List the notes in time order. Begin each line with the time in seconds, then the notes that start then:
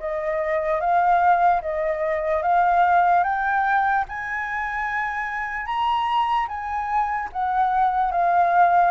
0.00 D#5
0.80 F5
1.61 D#5
2.43 F5
3.24 G5
4.09 G#5
5.66 A#5
6.48 G#5
7.33 F#5
8.12 F5